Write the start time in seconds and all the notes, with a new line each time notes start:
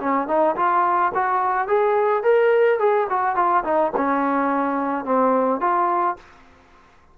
0.00 C#4
0.28 D#4
0.56 F4
1.15 F#4
1.68 G#4
2.24 A#4
2.80 G#4
3.10 F#4
3.36 F4
3.64 D#4
3.97 C#4
5.05 C4
5.61 F4